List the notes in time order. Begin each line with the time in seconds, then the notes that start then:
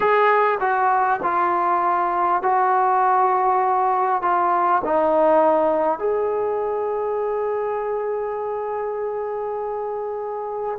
0.00 G#4
0.59 F#4
1.23 F4
2.42 F#4
4.22 F4
4.84 D#4
5.98 G#4